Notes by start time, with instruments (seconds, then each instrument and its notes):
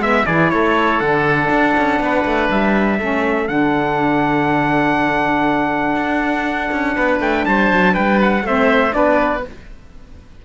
0.00 cello G#3, saxophone B3, oboe E5, trumpet E5
0.26 cello E3, saxophone E4, oboe G#4, trumpet D5
0.51 cello A3, oboe A4, trumpet C#5
1.00 cello D3, saxophone D4, trumpet F#5
1.51 cello D4
1.78 cello C#4
2.00 cello B3, oboe B4
2.26 cello A3
2.51 cello G3, trumpet E5
2.99 cello A3, saxophone C#4, oboe A4
3.47 cello D3, saxophone D4, trumpet F#5
5.96 cello D4
6.72 cello C#4
6.96 cello B3, oboe B4
7.20 cello A3, trumpet G5
7.46 cello G3, oboe C5, trumpet A5
7.72 cello F#3
7.94 cello G3, oboe B4, trumpet G5
8.22 trumpet F#5
8.43 cello A3, saxophone C4, oboe C5, trumpet E5
8.92 cello B3, saxophone D4, oboe B4, trumpet D5